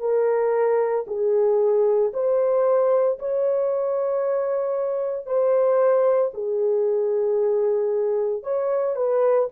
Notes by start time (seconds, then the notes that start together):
0.00 A#4
1.07 G#4
2.13 C5
3.19 C#5
5.26 C5
6.34 G#4
8.44 C#5
8.96 B4